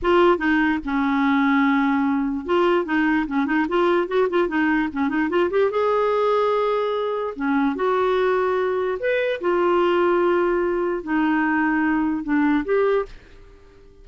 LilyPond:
\new Staff \with { instrumentName = "clarinet" } { \time 4/4 \tempo 4 = 147 f'4 dis'4 cis'2~ | cis'2 f'4 dis'4 | cis'8 dis'8 f'4 fis'8 f'8 dis'4 | cis'8 dis'8 f'8 g'8 gis'2~ |
gis'2 cis'4 fis'4~ | fis'2 b'4 f'4~ | f'2. dis'4~ | dis'2 d'4 g'4 | }